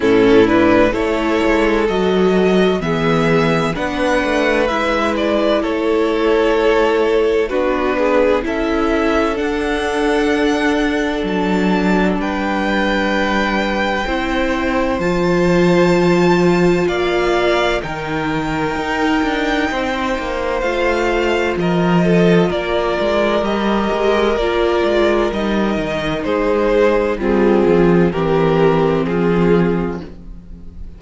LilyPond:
<<
  \new Staff \with { instrumentName = "violin" } { \time 4/4 \tempo 4 = 64 a'8 b'8 cis''4 dis''4 e''4 | fis''4 e''8 d''8 cis''2 | b'4 e''4 fis''2 | a''4 g''2. |
a''2 f''4 g''4~ | g''2 f''4 dis''4 | d''4 dis''4 d''4 dis''4 | c''4 gis'4 ais'4 gis'4 | }
  \new Staff \with { instrumentName = "violin" } { \time 4/4 e'4 a'2 gis'4 | b'2 a'2 | fis'8 gis'8 a'2.~ | a'4 b'2 c''4~ |
c''2 d''4 ais'4~ | ais'4 c''2 ais'8 a'8 | ais'1 | gis'4 c'4 g'4 f'4 | }
  \new Staff \with { instrumentName = "viola" } { \time 4/4 cis'8 d'8 e'4 fis'4 b4 | d'4 e'2. | d'4 e'4 d'2~ | d'2. e'4 |
f'2. dis'4~ | dis'2 f'2~ | f'4 g'4 f'4 dis'4~ | dis'4 f'4 c'2 | }
  \new Staff \with { instrumentName = "cello" } { \time 4/4 a,4 a8 gis8 fis4 e4 | b8 a8 gis4 a2 | b4 cis'4 d'2 | fis4 g2 c'4 |
f2 ais4 dis4 | dis'8 d'8 c'8 ais8 a4 f4 | ais8 gis8 g8 gis8 ais8 gis8 g8 dis8 | gis4 g8 f8 e4 f4 | }
>>